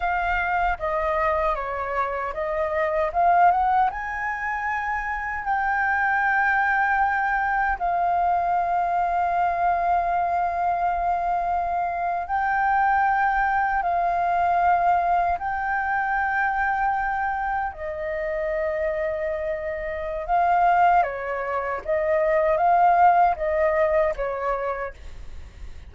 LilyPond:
\new Staff \with { instrumentName = "flute" } { \time 4/4 \tempo 4 = 77 f''4 dis''4 cis''4 dis''4 | f''8 fis''8 gis''2 g''4~ | g''2 f''2~ | f''2.~ f''8. g''16~ |
g''4.~ g''16 f''2 g''16~ | g''2~ g''8. dis''4~ dis''16~ | dis''2 f''4 cis''4 | dis''4 f''4 dis''4 cis''4 | }